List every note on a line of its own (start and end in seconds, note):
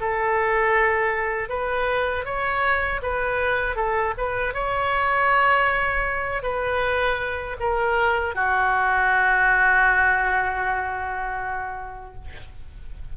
0.00 1.49 A4
1.49 2.25 B4
2.25 3.01 C#5
3.02 3.76 B4
3.76 4.14 A4
4.17 4.54 B4
4.54 6.42 C#5
6.42 7.56 B4
7.60 8.35 A#4
8.35 12.14 F#4